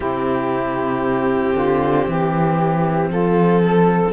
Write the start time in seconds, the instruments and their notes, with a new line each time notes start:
0.00 cello C3 C4, saxophone E4, violin G4
1.54 cello D3, saxophone F4
2.07 cello E3, saxophone G4
3.09 cello F3, saxophone F4, violin A4
3.61 saxophone A4